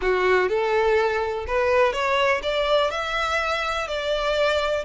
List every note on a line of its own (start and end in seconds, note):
0.01 0.48 F#4
0.48 1.45 A4
1.47 1.92 B4
1.92 2.41 C#5
2.43 2.90 D5
2.90 3.87 E5
3.87 4.84 D5